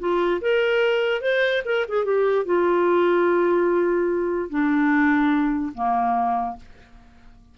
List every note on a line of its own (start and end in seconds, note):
0.00 0.41 F4
0.42 1.22 A#4
1.22 1.63 C5
1.66 1.86 A#4
1.89 2.05 G#4
2.05 2.46 G4
2.46 4.50 F4
4.50 5.73 D4
5.75 6.57 A#3